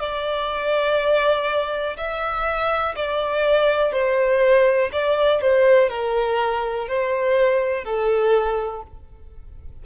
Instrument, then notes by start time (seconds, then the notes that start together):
violin
0.00 D5
1.97 E5
2.96 D5
3.93 C5
4.93 D5
5.41 C5
5.90 A#4
6.88 C5
7.85 A4